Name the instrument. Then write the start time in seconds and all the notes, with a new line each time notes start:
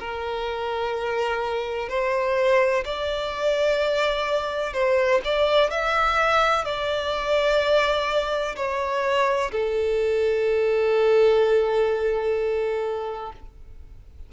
violin
0.00 A#4
1.90 C5
2.85 D5
4.74 C5
5.25 D5
5.71 E5
6.65 D5
8.56 C#5
9.52 A4